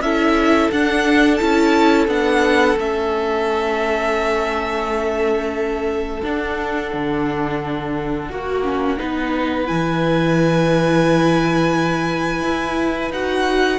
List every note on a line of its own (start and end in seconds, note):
0.00 0.69 C#4
0.00 0.73 E4
0.00 8.30 A4
0.00 0.70 E5
0.71 1.40 D4
0.71 1.39 D4
0.71 1.36 F#5
1.36 2.07 C#4
1.36 2.08 E4
1.36 2.05 A5
2.07 2.76 B3
2.07 2.77 D4
2.07 2.78 F#5
2.76 6.21 A3
2.76 6.23 C#4
2.76 6.23 E5
6.23 8.29 D4
6.23 6.93 D4
6.23 9.67 F#5
6.93 8.30 D3
8.30 8.99 A#3
8.30 8.63 F#4
8.30 8.98 F#4
8.63 8.97 C#4
8.97 9.70 B3
8.97 9.65 D#4
8.97 13.79 B4
9.65 12.42 E3
9.65 13.10 E4
9.65 13.12 G#5
12.42 13.11 E4
13.11 13.79 D#4
13.11 13.79 F#4
13.11 13.79 F#5